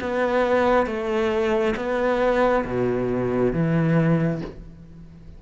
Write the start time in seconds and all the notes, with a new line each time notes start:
0.00 B3
0.86 A3
1.76 B3
2.64 B2
3.53 E3